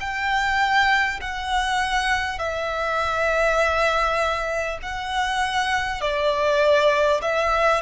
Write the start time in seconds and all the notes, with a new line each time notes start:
0.00 G5
1.20 F#5
2.38 E5
4.82 F#5
6.01 D5
7.22 E5